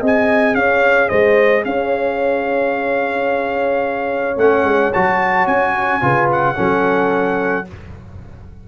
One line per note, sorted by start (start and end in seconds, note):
0.00 0.54 C4
0.00 4.37 G#4
0.00 0.55 D#5
0.06 0.54 G#5
0.54 1.09 C#4
0.54 1.09 C#5
0.54 1.08 F5
1.08 1.65 G#3
1.08 1.63 C5
1.08 1.63 D#5
1.64 4.36 C#4
1.64 6.02 C#5
1.64 4.37 F5
4.36 4.63 A3
4.36 4.92 C#4
4.36 4.92 F#5
4.63 4.91 G#3
4.93 5.46 F#3
4.93 6.01 F#4
4.93 5.46 A5
5.46 6.01 C#4
5.46 6.28 G#5
6.01 6.56 C#3
6.01 6.55 F4
6.01 6.56 B4
6.31 7.68 F#5
6.55 7.67 F#3
6.55 7.64 C#4
6.55 7.66 A4